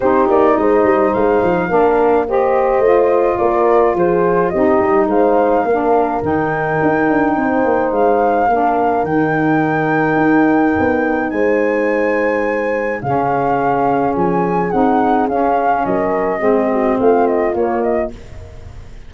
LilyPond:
<<
  \new Staff \with { instrumentName = "flute" } { \time 4/4 \tempo 4 = 106 c''8 d''8 dis''4 f''2 | dis''2 d''4 c''4 | dis''4 f''2 g''4~ | g''2 f''2 |
g''1 | gis''2. f''4~ | f''4 gis''4 fis''4 f''4 | dis''2 f''8 dis''8 cis''8 dis''8 | }
  \new Staff \with { instrumentName = "horn" } { \time 4/4 g'4 c''2 ais'4 | c''2 ais'4 gis'4 | g'4 c''4 ais'2~ | ais'4 c''2 ais'4~ |
ais'1 | c''2. gis'4~ | gis'1 | ais'4 gis'8 fis'8 f'2 | }
  \new Staff \with { instrumentName = "saxophone" } { \time 4/4 dis'2. d'4 | g'4 f'2. | dis'2 d'4 dis'4~ | dis'2. d'4 |
dis'1~ | dis'2. cis'4~ | cis'2 dis'4 cis'4~ | cis'4 c'2 ais4 | }
  \new Staff \with { instrumentName = "tuba" } { \time 4/4 c'8 ais8 gis8 g8 gis8 f8 ais4~ | ais4 a4 ais4 f4 | c'8 g8 gis4 ais4 dis4 | dis'8 d'8 c'8 ais8 gis4 ais4 |
dis2 dis'4 b4 | gis2. cis4~ | cis4 f4 c'4 cis'4 | fis4 gis4 a4 ais4 | }
>>